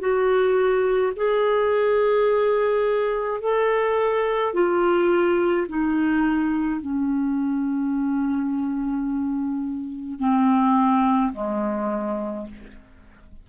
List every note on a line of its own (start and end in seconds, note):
0.00 1.13 F#4
1.16 3.41 G#4
3.41 4.54 A4
4.54 5.67 F4
5.69 6.81 D#4
6.81 10.19 C#4
10.19 11.33 C4
11.34 12.47 G#3